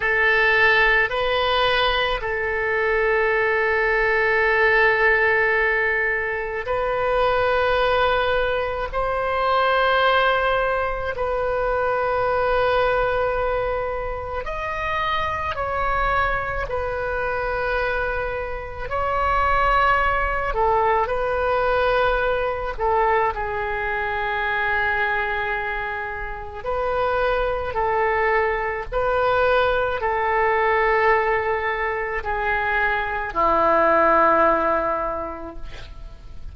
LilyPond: \new Staff \with { instrumentName = "oboe" } { \time 4/4 \tempo 4 = 54 a'4 b'4 a'2~ | a'2 b'2 | c''2 b'2~ | b'4 dis''4 cis''4 b'4~ |
b'4 cis''4. a'8 b'4~ | b'8 a'8 gis'2. | b'4 a'4 b'4 a'4~ | a'4 gis'4 e'2 | }